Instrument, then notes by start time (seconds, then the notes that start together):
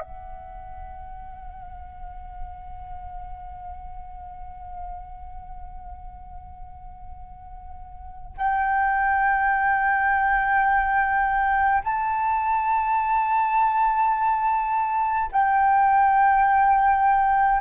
flute
0.00 F#5
8.38 G5
11.84 A5
15.33 G5